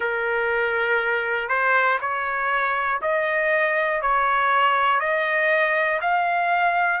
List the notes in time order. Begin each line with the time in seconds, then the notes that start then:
0.00 A#4
1.48 C5
2.00 C#5
3.01 D#5
4.01 C#5
5.00 D#5
6.01 F5